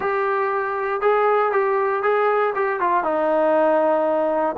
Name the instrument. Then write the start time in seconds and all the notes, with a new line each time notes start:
trombone
0.00 G4
1.01 G#4
1.51 G4
2.02 G#4
2.55 G4
2.80 F4
3.03 D#4